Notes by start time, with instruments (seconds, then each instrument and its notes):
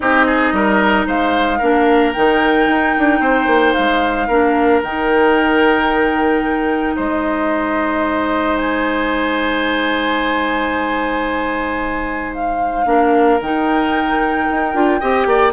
0.00 bassoon C4, clarinet D#4, oboe G4, flute D#5
0.26 oboe G#4
0.52 bassoon G3, oboe A#4
1.06 bassoon G#3, oboe C5, flute F5
1.58 bassoon A#3, clarinet D4, oboe A#4
2.12 bassoon D#3, clarinet D#4, flute G5
2.67 bassoon D#4
2.98 bassoon D4
3.19 bassoon C4, oboe C5
3.46 bassoon A#3
3.73 bassoon G#3, flute F5
4.27 bassoon A#3, clarinet D4, oboe A#4
4.82 bassoon D#3, clarinet D#4, flute G5
6.96 bassoon G#3, oboe C5, flute D#5
8.57 flute G#5
12.33 flute F5
12.85 bassoon A#3, clarinet D4, oboe A#4
13.40 bassoon D#3, clarinet D#4, flute G5
14.50 bassoon D#4
14.73 bassoon D4, clarinet F4
15.00 bassoon C4, clarinet G4, oboe D#5
15.25 bassoon A#3, oboe D5